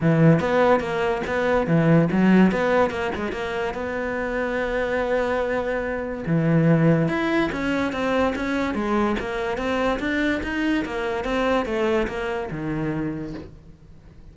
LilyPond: \new Staff \with { instrumentName = "cello" } { \time 4/4 \tempo 4 = 144 e4 b4 ais4 b4 | e4 fis4 b4 ais8 gis8 | ais4 b2.~ | b2. e4~ |
e4 e'4 cis'4 c'4 | cis'4 gis4 ais4 c'4 | d'4 dis'4 ais4 c'4 | a4 ais4 dis2 | }